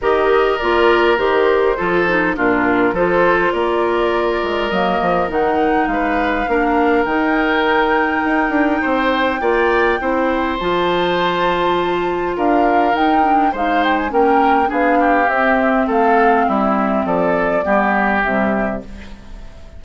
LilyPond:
<<
  \new Staff \with { instrumentName = "flute" } { \time 4/4 \tempo 4 = 102 dis''4 d''4 c''2 | ais'4 c''4 d''2 | dis''4 fis''4 f''2 | g''1~ |
g''2 a''2~ | a''4 f''4 g''4 f''8 g''16 gis''16 | g''4 f''4 e''4 f''4 | e''4 d''2 e''4 | }
  \new Staff \with { instrumentName = "oboe" } { \time 4/4 ais'2. a'4 | f'4 a'4 ais'2~ | ais'2 b'4 ais'4~ | ais'2. c''4 |
d''4 c''2.~ | c''4 ais'2 c''4 | ais'4 gis'8 g'4. a'4 | e'4 a'4 g'2 | }
  \new Staff \with { instrumentName = "clarinet" } { \time 4/4 g'4 f'4 g'4 f'8 dis'8 | d'4 f'2. | ais4 dis'2 d'4 | dis'1 |
f'4 e'4 f'2~ | f'2 dis'8 d'8 dis'4 | cis'4 d'4 c'2~ | c'2 b4 g4 | }
  \new Staff \with { instrumentName = "bassoon" } { \time 4/4 dis4 ais4 dis4 f4 | ais,4 f4 ais4. gis8 | fis8 f8 dis4 gis4 ais4 | dis2 dis'8 d'8 c'4 |
ais4 c'4 f2~ | f4 d'4 dis'4 gis4 | ais4 b4 c'4 a4 | g4 f4 g4 c4 | }
>>